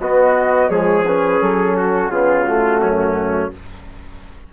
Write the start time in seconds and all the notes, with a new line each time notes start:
0.00 B3 F#4 D#5
0.69 F3 G#3 G#4 C#5
1.06 C#4 B4
1.41 F#3 A4
1.76 F#4
2.10 C#3 B3 F4 G#4
2.44 A3 F#4
2.82 F#2 C#4